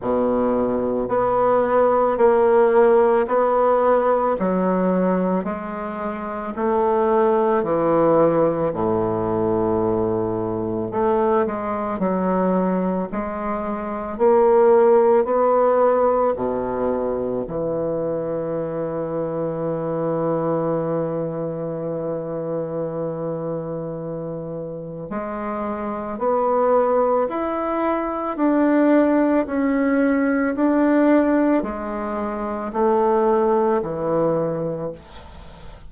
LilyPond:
\new Staff \with { instrumentName = "bassoon" } { \time 4/4 \tempo 4 = 55 b,4 b4 ais4 b4 | fis4 gis4 a4 e4 | a,2 a8 gis8 fis4 | gis4 ais4 b4 b,4 |
e1~ | e2. gis4 | b4 e'4 d'4 cis'4 | d'4 gis4 a4 e4 | }